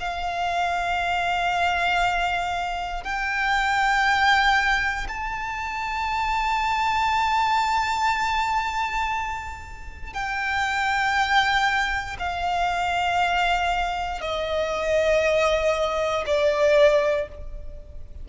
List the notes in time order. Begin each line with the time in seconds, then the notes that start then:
0.00 F5
3.04 G5
5.08 A5
10.13 G5
12.19 F5
14.21 D#5
16.27 D5